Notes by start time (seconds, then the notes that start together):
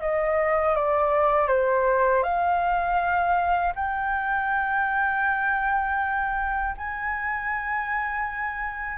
0.00 D#5
0.75 D5
1.47 C5
2.22 F5
3.75 G5
6.77 G#5